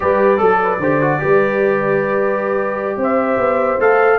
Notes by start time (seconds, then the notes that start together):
0.00 G3 G4 B4 D5
0.37 F#3 A4
0.63 B4
0.79 D3 G4 C5
1.01 F#4
1.19 G3 G4 B4
2.96 C4 C5
3.03 E5
3.38 B3
3.79 A3 A4 F5